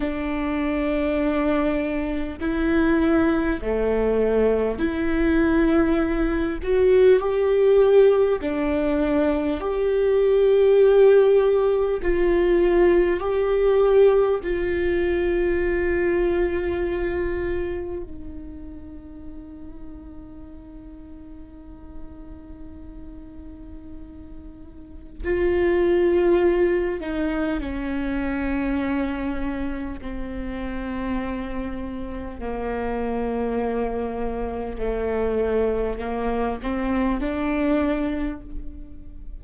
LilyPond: \new Staff \with { instrumentName = "viola" } { \time 4/4 \tempo 4 = 50 d'2 e'4 a4 | e'4. fis'8 g'4 d'4 | g'2 f'4 g'4 | f'2. dis'4~ |
dis'1~ | dis'4 f'4. dis'8 cis'4~ | cis'4 c'2 ais4~ | ais4 a4 ais8 c'8 d'4 | }